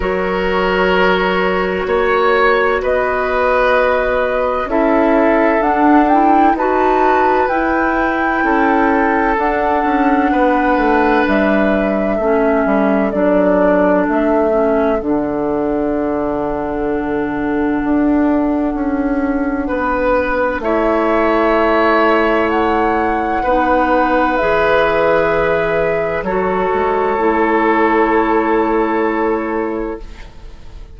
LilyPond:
<<
  \new Staff \with { instrumentName = "flute" } { \time 4/4 \tempo 4 = 64 cis''2. dis''4~ | dis''4 e''4 fis''8 g''8 a''4 | g''2 fis''2 | e''2 d''4 e''4 |
fis''1~ | fis''2 e''2 | fis''2 e''2 | cis''1 | }
  \new Staff \with { instrumentName = "oboe" } { \time 4/4 ais'2 cis''4 b'4~ | b'4 a'2 b'4~ | b'4 a'2 b'4~ | b'4 a'2.~ |
a'1~ | a'4 b'4 cis''2~ | cis''4 b'2. | a'1 | }
  \new Staff \with { instrumentName = "clarinet" } { \time 4/4 fis'1~ | fis'4 e'4 d'8 e'8 fis'4 | e'2 d'2~ | d'4 cis'4 d'4. cis'8 |
d'1~ | d'2 e'2~ | e'4 dis'4 gis'2 | fis'4 e'2. | }
  \new Staff \with { instrumentName = "bassoon" } { \time 4/4 fis2 ais4 b4~ | b4 cis'4 d'4 dis'4 | e'4 cis'4 d'8 cis'8 b8 a8 | g4 a8 g8 fis4 a4 |
d2. d'4 | cis'4 b4 a2~ | a4 b4 e2 | fis8 gis8 a2. | }
>>